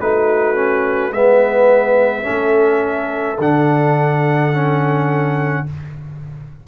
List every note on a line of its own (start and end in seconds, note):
0.00 1.12 A3
0.00 0.55 D#4
0.00 1.15 F#4
0.00 1.12 B4
0.55 1.12 C#4
1.12 2.25 G#3
1.12 2.22 B3
1.12 2.24 B4
1.12 3.39 E5
2.22 3.36 C#4
2.22 5.64 A4
2.29 3.38 A3
3.38 5.64 D3
3.38 4.53 D4
3.38 5.67 F#5
4.53 5.66 C#4